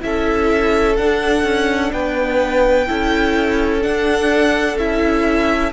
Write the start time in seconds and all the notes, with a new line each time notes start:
0.00 C#4 E4 A4 E5
0.96 D4 F#5
1.44 C#4
1.92 B3 B4 G5
2.87 C#4 E4 A4
3.81 D4 F#5
4.77 C#4 E4 E5